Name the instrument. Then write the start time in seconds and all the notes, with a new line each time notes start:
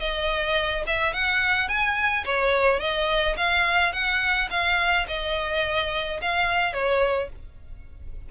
violin
0.00 D#5
0.87 E5
1.13 F#5
1.69 G#5
2.26 C#5
2.80 D#5
3.37 F5
3.93 F#5
4.51 F5
5.08 D#5
6.22 F5
6.74 C#5